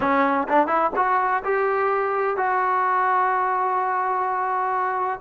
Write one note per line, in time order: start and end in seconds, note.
0.00 0.47 C#4
0.48 0.67 D4
0.67 0.90 E4
0.96 1.43 F#4
1.44 2.36 G4
2.36 5.20 F#4